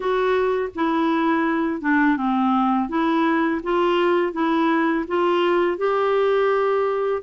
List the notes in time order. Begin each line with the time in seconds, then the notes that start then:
0.00 F#4
0.75 E4
1.81 D4
2.17 C4
2.88 E4
3.63 F4
4.32 E4
5.07 F4
5.77 G4